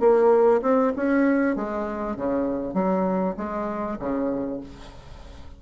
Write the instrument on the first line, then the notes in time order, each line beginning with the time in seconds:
bassoon
0.00 A#3
0.62 C4
0.97 C#4
1.56 G#3
2.17 C#3
2.74 F#3
3.37 G#3
3.99 C#3